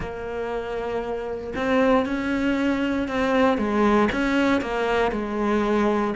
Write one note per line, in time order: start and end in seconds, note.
0.00 1.53 A#3
1.55 2.05 C4
2.05 3.07 C#4
3.07 3.57 C4
3.57 4.09 G#3
4.11 4.61 C#4
4.61 5.11 A#3
5.11 6.14 G#3